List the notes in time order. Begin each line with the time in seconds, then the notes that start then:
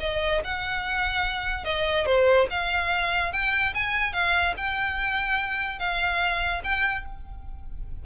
0.00 D#5
0.44 F#5
1.65 D#5
2.06 C5
2.50 F5
3.33 G5
3.74 G#5
4.13 F5
4.57 G5
5.79 F5
6.64 G5